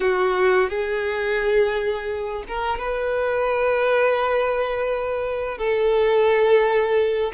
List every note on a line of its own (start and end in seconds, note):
0.00 0.69 F#4
0.69 2.44 G#4
2.47 2.78 A#4
2.78 5.58 B4
5.58 7.32 A4